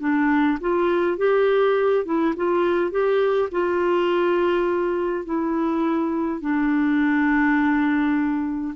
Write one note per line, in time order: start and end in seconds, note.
0.00 0.58 D4
0.61 1.17 F4
1.17 2.05 G4
2.05 2.34 E4
2.36 2.91 F4
2.91 3.49 G4
3.51 5.25 F4
5.25 6.41 E4
6.41 8.74 D4